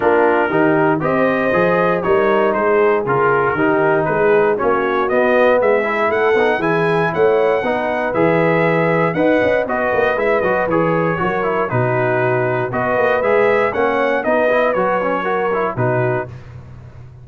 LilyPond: <<
  \new Staff \with { instrumentName = "trumpet" } { \time 4/4 \tempo 4 = 118 ais'2 dis''2 | cis''4 c''4 ais'2 | b'4 cis''4 dis''4 e''4 | fis''4 gis''4 fis''2 |
e''2 fis''4 dis''4 | e''8 dis''8 cis''2 b'4~ | b'4 dis''4 e''4 fis''4 | dis''4 cis''2 b'4 | }
  \new Staff \with { instrumentName = "horn" } { \time 4/4 f'4 g'4 c''2 | ais'4 gis'2 g'4 | gis'4 fis'2 gis'4 | a'4 gis'4 cis''4 b'4~ |
b'2 dis''4 b'4~ | b'2 ais'4 fis'4~ | fis'4 b'2 cis''4 | b'2 ais'4 fis'4 | }
  \new Staff \with { instrumentName = "trombone" } { \time 4/4 d'4 dis'4 g'4 gis'4 | dis'2 f'4 dis'4~ | dis'4 cis'4 b4. e'8~ | e'8 dis'8 e'2 dis'4 |
gis'2 b'4 fis'4 | e'8 fis'8 gis'4 fis'8 e'8 dis'4~ | dis'4 fis'4 gis'4 cis'4 | dis'8 e'8 fis'8 cis'8 fis'8 e'8 dis'4 | }
  \new Staff \with { instrumentName = "tuba" } { \time 4/4 ais4 dis4 c'4 f4 | g4 gis4 cis4 dis4 | gis4 ais4 b4 gis4 | a8 b8 e4 a4 b4 |
e2 dis'8 cis'8 b8 ais8 | gis8 fis8 e4 fis4 b,4~ | b,4 b8 ais8 gis4 ais4 | b4 fis2 b,4 | }
>>